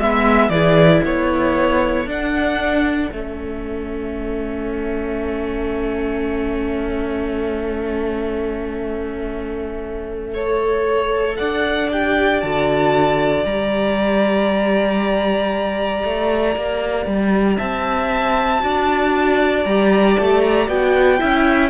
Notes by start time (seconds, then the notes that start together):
0.00 G#3 B3 E5
0.50 E3 E4 G#4 D5
1.04 B3 A4 C#5
2.06 D4 F#5
3.12 A3 C#4 E5
10.34 A4 C#5
11.37 D4 D5 F#5
11.91 G4 G5
12.41 D3 F#4 A5
13.45 G3 G4 A#5
16.05 A3
16.56 A#3
17.07 G3
17.57 C4 E5 A5
18.61 D4 F#4 D5
19.65 G3 G4 A#5
20.18 A3 A5
20.41 A#5
20.68 B3 F#4 G5
21.19 C#4 E4 E5